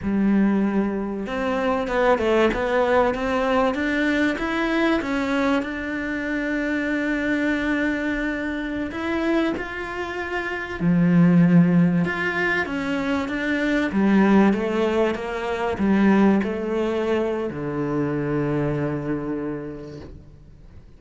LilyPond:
\new Staff \with { instrumentName = "cello" } { \time 4/4 \tempo 4 = 96 g2 c'4 b8 a8 | b4 c'4 d'4 e'4 | cis'4 d'2.~ | d'2~ d'16 e'4 f'8.~ |
f'4~ f'16 f2 f'8.~ | f'16 cis'4 d'4 g4 a8.~ | a16 ais4 g4 a4.~ a16 | d1 | }